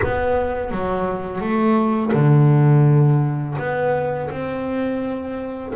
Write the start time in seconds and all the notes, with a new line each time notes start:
0.03 B3
0.71 F#3
1.40 A3
2.13 D3
3.58 B3
4.30 C4